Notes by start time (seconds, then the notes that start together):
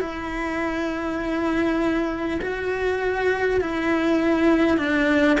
0.00 E4
2.41 F#4
3.61 E4
4.77 D4